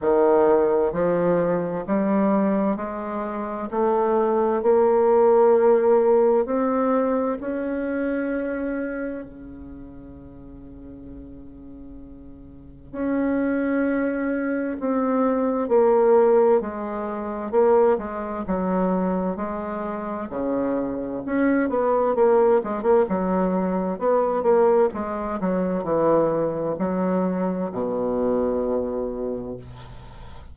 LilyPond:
\new Staff \with { instrumentName = "bassoon" } { \time 4/4 \tempo 4 = 65 dis4 f4 g4 gis4 | a4 ais2 c'4 | cis'2 cis2~ | cis2 cis'2 |
c'4 ais4 gis4 ais8 gis8 | fis4 gis4 cis4 cis'8 b8 | ais8 gis16 ais16 fis4 b8 ais8 gis8 fis8 | e4 fis4 b,2 | }